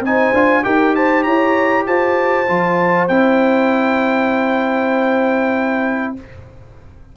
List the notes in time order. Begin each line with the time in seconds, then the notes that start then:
0.00 C4 D#4 C5 G#5
0.33 D4 F4
0.63 D#4 G4 A#4 G5
0.95 C5 A5
1.23 E4 C#5 A#5
1.86 F4 C5 A5
2.48 F3 F4
3.08 C4 E4 G5